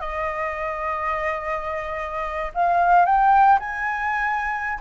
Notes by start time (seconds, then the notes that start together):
0.00 D#5
2.54 F5
3.06 G5
3.60 G#5